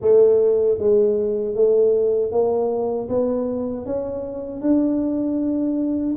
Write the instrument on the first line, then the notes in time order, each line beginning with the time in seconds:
tuba
0.01 A3
0.78 G#3
1.55 A3
2.31 A#3
3.08 B3
3.85 C#4
4.61 D4